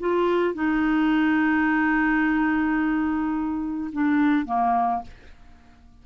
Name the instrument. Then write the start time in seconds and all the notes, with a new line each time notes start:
clarinet
0.00 F4
0.54 D#4
3.93 D4
4.46 A#3